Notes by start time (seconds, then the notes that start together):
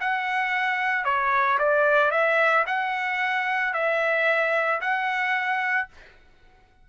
0.00 F#5
1.04 C#5
1.59 D5
2.11 E5
2.66 F#5
3.73 E5
4.81 F#5